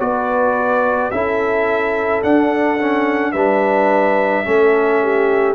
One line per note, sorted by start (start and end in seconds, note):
0.00 1.11 B3
0.00 1.11 F#4
0.00 1.13 B4
0.00 1.11 D5
1.11 2.23 C#4
1.11 2.23 E4
1.11 3.33 A4
1.11 2.22 E5
2.23 2.78 D4
2.23 3.34 D4
2.23 3.32 F#5
2.79 3.34 C#4
3.32 4.45 G3
3.32 4.45 D4
3.32 4.44 B4
3.32 5.54 E5
4.45 5.55 A3
4.45 5.55 C#4
4.45 5.02 A4
5.02 5.55 G4